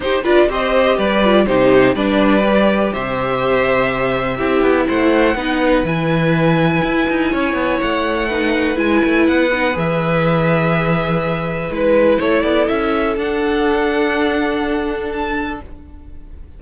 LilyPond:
<<
  \new Staff \with { instrumentName = "violin" } { \time 4/4 \tempo 4 = 123 c''8 d''8 dis''4 d''4 c''4 | d''2 e''2~ | e''2 fis''2 | gis''1 |
fis''2 gis''4 fis''4 | e''1 | b'4 cis''8 d''8 e''4 fis''4~ | fis''2. a''4 | }
  \new Staff \with { instrumentName = "violin" } { \time 4/4 g'8 b'8 c''4 b'4 g'4 | b'2 c''2~ | c''4 g'4 c''4 b'4~ | b'2. cis''4~ |
cis''4 b'2.~ | b'1~ | b'4 a'2.~ | a'1 | }
  \new Staff \with { instrumentName = "viola" } { \time 4/4 dis'8 f'8 g'4. f'8 dis'4 | d'4 g'2.~ | g'4 e'2 dis'4 | e'1~ |
e'4 dis'4 e'4. dis'8 | gis'1 | e'2. d'4~ | d'1 | }
  \new Staff \with { instrumentName = "cello" } { \time 4/4 dis'8 d'8 c'4 g4 c4 | g2 c2~ | c4 c'8 b8 a4 b4 | e2 e'8 dis'8 cis'8 b8 |
a2 gis8 a8 b4 | e1 | gis4 a8 b8 cis'4 d'4~ | d'1 | }
>>